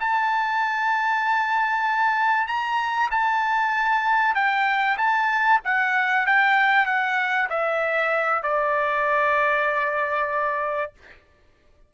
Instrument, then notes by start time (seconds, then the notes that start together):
trumpet
0.00 A5
2.47 A#5
3.11 A5
4.35 G5
4.98 A5
5.64 F#5
6.26 G5
6.86 F#5
7.50 E5
8.43 D5